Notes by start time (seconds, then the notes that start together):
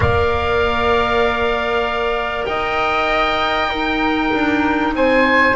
0.00 A#3 A#4 D5 F5
2.45 D#4 D#5 G5
3.69 D#4 A#4
4.33 D4
4.93 C4 C5 G#5